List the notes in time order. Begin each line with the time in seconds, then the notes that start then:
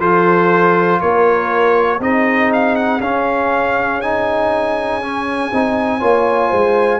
0.00 F3 F4 A4 C5
1.01 A#3 A#4 C#5
2.00 C4 D#4 G#4 D#5
2.53 F5
2.76 F#5
3.00 C#4 F5
4.01 D#4 G#5
5.02 C#4
5.53 C4 D#4
5.99 A#3 F4 C#5
6.49 G#3 C5